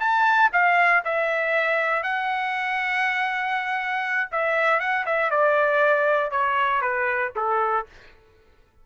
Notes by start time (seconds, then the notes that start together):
0.00 A5
0.53 F5
1.05 E5
2.03 F#5
4.31 E5
4.80 F#5
5.06 E5
5.31 D5
6.31 C#5
6.81 B4
7.36 A4